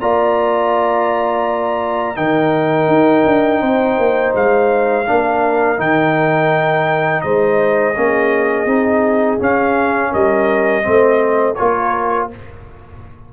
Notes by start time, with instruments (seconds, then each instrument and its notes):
0.00 tuba A#3, trombone F4, horn D5, trumpet A#5
2.16 tuba D#3, trombone D#4, horn A#4, trumpet G5
2.88 tuba D#4
3.26 tuba D4
3.61 tuba C4, horn C5
3.98 tuba A#3
4.35 tuba G#3, trumpet F5
5.07 tuba A#3, trombone D4, horn A#4
5.77 tuba D#3, trombone D#4, trumpet G5
7.22 tuba G#3, horn C5, trumpet D#5
7.95 tuba A#3, trombone C#4, horn G#4
8.66 tuba C4, trombone D#4
9.39 trombone C#4, tuba C#4, trumpet F5
10.11 tuba G3, horn A#4, trumpet D#5
10.83 tuba A3, trombone C4, horn C5
11.55 tuba A#3, trombone F4, horn A#4, trumpet C#5